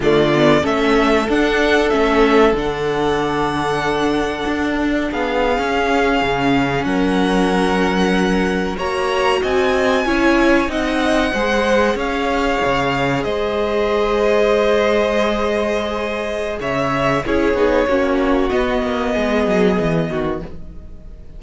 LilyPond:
<<
  \new Staff \with { instrumentName = "violin" } { \time 4/4 \tempo 4 = 94 d''4 e''4 fis''4 e''4 | fis''1 | f''2~ f''8. fis''4~ fis''16~ | fis''4.~ fis''16 ais''4 gis''4~ gis''16~ |
gis''8. fis''2 f''4~ f''16~ | f''8. dis''2.~ dis''16~ | dis''2 e''4 cis''4~ | cis''4 dis''2. | }
  \new Staff \with { instrumentName = "violin" } { \time 4/4 f'4 a'2.~ | a'1 | gis'2~ gis'8. ais'4~ ais'16~ | ais'4.~ ais'16 cis''4 dis''4 cis''16~ |
cis''8. dis''4 c''4 cis''4~ cis''16~ | cis''8. c''2.~ c''16~ | c''2 cis''4 gis'4 | fis'2 gis'4. fis'8 | }
  \new Staff \with { instrumentName = "viola" } { \time 4/4 a8 b8 cis'4 d'4 cis'4 | d'1~ | d'8. cis'2.~ cis'16~ | cis'4.~ cis'16 fis'2 e'16~ |
e'8. dis'4 gis'2~ gis'16~ | gis'1~ | gis'2. e'8 dis'8 | cis'4 b2. | }
  \new Staff \with { instrumentName = "cello" } { \time 4/4 d4 a4 d'4 a4 | d2. d'4 | b8. cis'4 cis4 fis4~ fis16~ | fis4.~ fis16 ais4 c'4 cis'16~ |
cis'8. c'4 gis4 cis'4 cis16~ | cis8. gis2.~ gis16~ | gis2 cis4 cis'8 b8 | ais4 b8 ais8 gis8 fis8 e8 dis8 | }
>>